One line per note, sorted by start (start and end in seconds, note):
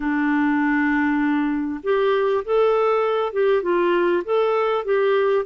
0.00 1.80 D4
1.83 2.44 G4
2.44 3.33 A4
3.33 3.62 G4
3.62 4.23 F4
4.24 4.84 A4
4.84 5.45 G4